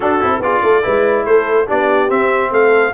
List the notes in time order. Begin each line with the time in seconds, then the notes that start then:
0.00 D4 F#4 A4
0.20 C4 E4
0.39 B3 F4 G#4 D5
0.62 A3 A4
0.82 G#3 E4 B4
1.25 A3 A4 C5
1.66 B3 D4 G4 D5
2.08 C4 E5
2.51 A3 A4 F5